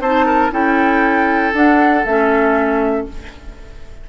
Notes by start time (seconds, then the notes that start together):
0.00 C4 D#4 C5 A5
0.26 A#4
0.51 C#4 E4 A4 G5
1.53 D4 F#5
2.05 A3 C#4 E5